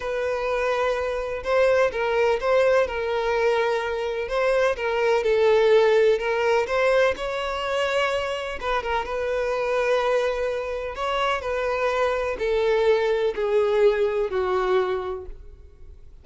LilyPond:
\new Staff \with { instrumentName = "violin" } { \time 4/4 \tempo 4 = 126 b'2. c''4 | ais'4 c''4 ais'2~ | ais'4 c''4 ais'4 a'4~ | a'4 ais'4 c''4 cis''4~ |
cis''2 b'8 ais'8 b'4~ | b'2. cis''4 | b'2 a'2 | gis'2 fis'2 | }